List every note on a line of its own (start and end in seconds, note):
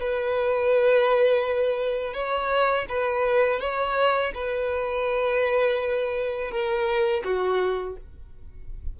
0.00 2.14 B4
2.14 2.86 C#5
2.89 3.60 B4
3.60 4.32 C#5
4.34 6.51 B4
6.51 7.24 A#4
7.24 7.96 F#4